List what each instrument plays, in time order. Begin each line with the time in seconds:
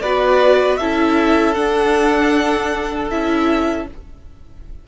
0.00 cello B3, viola F#4, violin B4 D5
0.77 cello C#4, viola E4, violin A4 E5
1.54 viola D4, cello D4, violin F#5
3.10 cello C#4, viola E4, violin E5